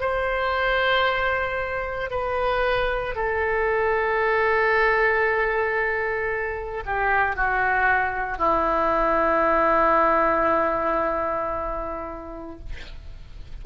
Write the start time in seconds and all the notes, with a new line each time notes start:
0.00 C5
2.11 B4
3.15 A4
6.86 G4
7.36 F#4
8.38 E4